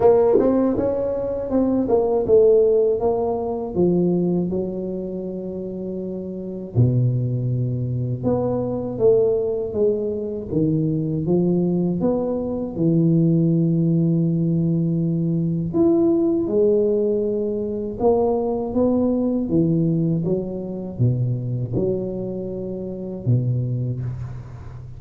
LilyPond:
\new Staff \with { instrumentName = "tuba" } { \time 4/4 \tempo 4 = 80 ais8 c'8 cis'4 c'8 ais8 a4 | ais4 f4 fis2~ | fis4 b,2 b4 | a4 gis4 dis4 f4 |
b4 e2.~ | e4 e'4 gis2 | ais4 b4 e4 fis4 | b,4 fis2 b,4 | }